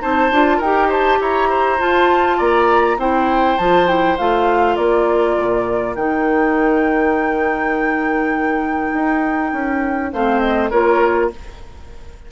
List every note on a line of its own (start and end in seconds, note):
0.00 0.31 C4
0.00 0.30 D#4
0.00 0.57 C5
0.00 0.61 A5
0.31 0.60 D4
0.31 0.62 F4
0.57 1.19 D#4
0.57 0.87 A#4
0.57 0.91 G5
0.64 1.78 G4
0.88 1.18 C5
0.88 1.21 A5
1.20 1.79 E4
1.20 1.49 C#5
1.20 1.81 A#5
1.49 2.37 C5
1.78 2.97 F4
1.78 2.40 F4
1.78 2.40 A5
2.37 2.98 A#3
2.37 2.97 D5
2.37 2.99 A#5
2.98 3.57 C4
2.98 3.58 E4
2.98 4.75 C5
2.98 3.58 G5
3.58 4.18 F3
3.58 3.87 F4
3.58 3.87 A5
3.87 4.16 E4
3.87 4.17 G5
4.17 4.77 A3
4.17 5.97 F4
4.17 4.76 F5
4.75 5.36 A#3
4.75 10.10 A#4
4.75 5.95 D5
5.38 5.95 A#2
5.95 8.92 D#3
5.95 10.13 D#4
5.95 10.11 G5
8.93 9.53 D#4
9.53 10.12 C#4
10.13 10.72 A3
10.13 10.71 C4
10.13 10.70 C5
10.13 10.40 F5
10.40 10.70 D#5
10.70 11.31 A#3
10.70 11.31 F4
10.70 11.30 A#4
10.70 11.30 C#5